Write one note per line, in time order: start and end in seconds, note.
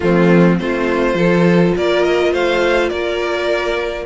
0.00 0.60 F3
0.00 0.57 A3
0.00 0.61 C4
0.00 0.57 F4
0.57 1.14 A3
0.57 1.15 C4
0.57 1.16 F4
0.57 1.75 C5
1.14 1.72 F3
1.14 4.05 F4
1.14 1.75 A4
1.76 2.32 A#3
1.76 2.32 A#4
1.76 2.04 D5
2.04 2.33 D#5
2.32 2.90 A3
2.32 2.89 C5
2.32 2.89 F5
2.89 4.05 A#3
2.89 4.05 A#4
2.89 4.05 D5